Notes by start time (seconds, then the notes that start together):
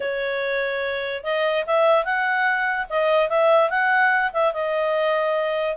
0.00 C#5
1.23 D#5
1.66 E5
2.04 F#5
2.89 D#5
3.29 E5
3.70 F#5
4.33 E5
4.53 D#5